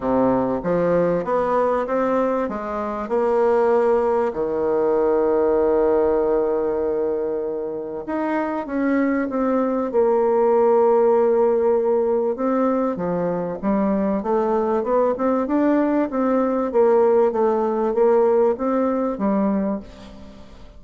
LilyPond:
\new Staff \with { instrumentName = "bassoon" } { \time 4/4 \tempo 4 = 97 c4 f4 b4 c'4 | gis4 ais2 dis4~ | dis1~ | dis4 dis'4 cis'4 c'4 |
ais1 | c'4 f4 g4 a4 | b8 c'8 d'4 c'4 ais4 | a4 ais4 c'4 g4 | }